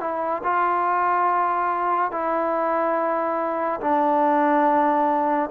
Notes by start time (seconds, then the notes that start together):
0.00 E4
0.43 F4
2.11 E4
3.81 D4